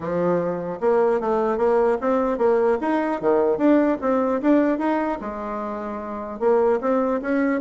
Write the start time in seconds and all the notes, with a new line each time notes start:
0.00 F3
0.80 A#3
1.20 A3
1.57 A#3
2.00 C4
2.37 A#3
2.81 D#4
3.20 D#3
3.57 D4
4.01 C4
4.41 D4
4.78 D#4
5.21 G#3
6.39 A#3
6.80 C4
7.21 C#4